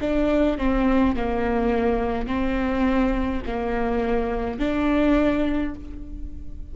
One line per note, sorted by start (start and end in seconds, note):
0.00 0.58 D4
0.58 1.15 C4
1.15 2.27 A#3
2.27 3.42 C4
3.46 4.59 A#3
4.59 5.74 D4